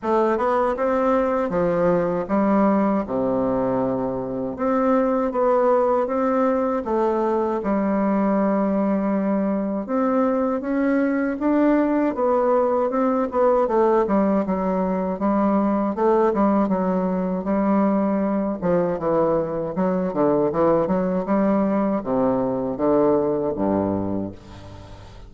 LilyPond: \new Staff \with { instrumentName = "bassoon" } { \time 4/4 \tempo 4 = 79 a8 b8 c'4 f4 g4 | c2 c'4 b4 | c'4 a4 g2~ | g4 c'4 cis'4 d'4 |
b4 c'8 b8 a8 g8 fis4 | g4 a8 g8 fis4 g4~ | g8 f8 e4 fis8 d8 e8 fis8 | g4 c4 d4 g,4 | }